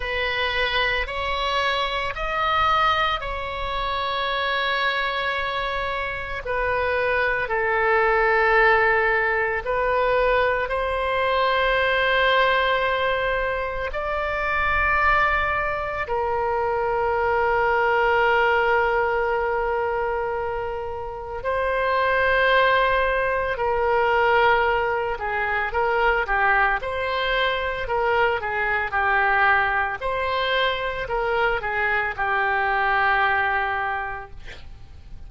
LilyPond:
\new Staff \with { instrumentName = "oboe" } { \time 4/4 \tempo 4 = 56 b'4 cis''4 dis''4 cis''4~ | cis''2 b'4 a'4~ | a'4 b'4 c''2~ | c''4 d''2 ais'4~ |
ais'1 | c''2 ais'4. gis'8 | ais'8 g'8 c''4 ais'8 gis'8 g'4 | c''4 ais'8 gis'8 g'2 | }